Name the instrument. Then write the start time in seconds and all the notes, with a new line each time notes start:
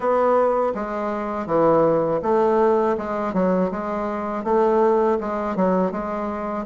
bassoon
0.00 B3
0.74 G#3
1.46 E3
2.22 A3
2.97 G#3
3.33 F#3
3.71 G#3
4.43 A3
5.20 G#3
5.56 F#3
5.91 G#3